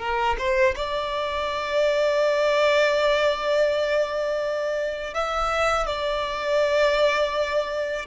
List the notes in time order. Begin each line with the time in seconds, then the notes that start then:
0.00 A#4
0.39 C5
0.76 D5
5.15 E5
5.87 D5